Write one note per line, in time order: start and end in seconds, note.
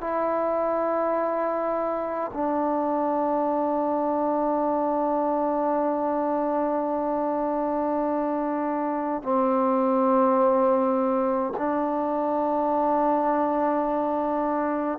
0.00 2.31 E4
2.33 9.23 D4
9.23 11.53 C4
11.57 14.98 D4